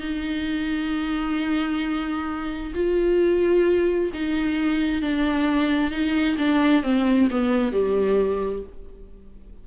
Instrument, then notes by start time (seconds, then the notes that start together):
viola
0.00 D#4
2.75 F4
4.13 D#4
5.02 D4
5.91 D#4
6.38 D4
6.83 C4
7.31 B3
7.72 G3